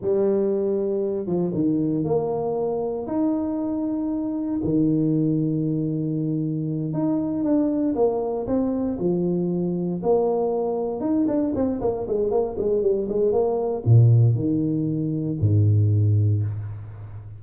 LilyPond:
\new Staff \with { instrumentName = "tuba" } { \time 4/4 \tempo 4 = 117 g2~ g8 f8 dis4 | ais2 dis'2~ | dis'4 dis2.~ | dis4. dis'4 d'4 ais8~ |
ais8 c'4 f2 ais8~ | ais4. dis'8 d'8 c'8 ais8 gis8 | ais8 gis8 g8 gis8 ais4 ais,4 | dis2 gis,2 | }